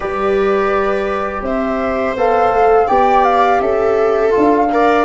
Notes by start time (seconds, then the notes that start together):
0.00 G3 G4 B4 D5
1.41 C4 C5 E5
2.16 B3 A4 F5
2.50 A3
2.87 B3 G4 D5 G5
3.24 F5
3.60 C#4 A4 E5
4.30 F4 F5
4.36 D4
4.72 A#4 D5